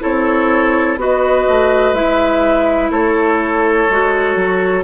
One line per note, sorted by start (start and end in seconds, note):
0.00 0.97 C4
0.00 0.97 E4
0.00 0.99 A4
0.00 0.98 C#5
0.97 1.45 B3
0.97 1.95 F#4
0.97 2.91 B4
0.97 1.94 D#5
1.48 1.93 A3
1.93 2.90 G#3
1.93 3.88 E4
1.93 2.91 E5
2.90 3.87 A3
2.90 4.84 A4
2.90 4.84 C#5
3.89 4.36 G#3
3.89 4.84 F#4
4.36 4.84 F#3